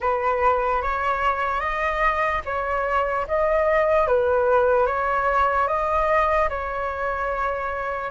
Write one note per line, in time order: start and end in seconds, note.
0.00 0.81 B4
0.82 1.60 C#5
1.60 2.41 D#5
2.45 3.26 C#5
3.27 4.07 D#5
4.07 4.86 B4
4.86 5.67 C#5
5.68 6.49 D#5
6.49 8.10 C#5